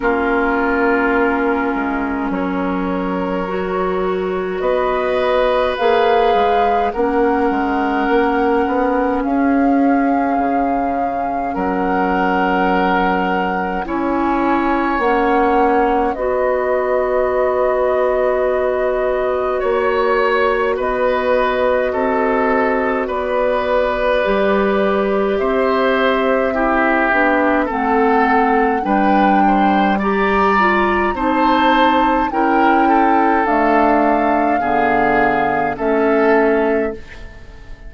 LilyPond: <<
  \new Staff \with { instrumentName = "flute" } { \time 4/4 \tempo 4 = 52 ais'2 cis''2 | dis''4 f''4 fis''2 | f''2 fis''2 | gis''4 fis''4 dis''2~ |
dis''4 cis''4 dis''2 | d''2 e''2 | fis''4 g''4 ais''4 a''4 | g''4 f''2 e''4 | }
  \new Staff \with { instrumentName = "oboe" } { \time 4/4 f'2 ais'2 | b'2 ais'2 | gis'2 ais'2 | cis''2 b'2~ |
b'4 cis''4 b'4 a'4 | b'2 c''4 g'4 | a'4 b'8 c''8 d''4 c''4 | ais'8 a'4. gis'4 a'4 | }
  \new Staff \with { instrumentName = "clarinet" } { \time 4/4 cis'2. fis'4~ | fis'4 gis'4 cis'2~ | cis'1 | e'4 cis'4 fis'2~ |
fis'1~ | fis'4 g'2 e'8 d'8 | c'4 d'4 g'8 f'8 dis'4 | e'4 a4 b4 cis'4 | }
  \new Staff \with { instrumentName = "bassoon" } { \time 4/4 ais4. gis8 fis2 | b4 ais8 gis8 ais8 gis8 ais8 b8 | cis'4 cis4 fis2 | cis'4 ais4 b2~ |
b4 ais4 b4 c'4 | b4 g4 c'4. b8 | a4 g2 c'4 | cis'4 d'4 d4 a4 | }
>>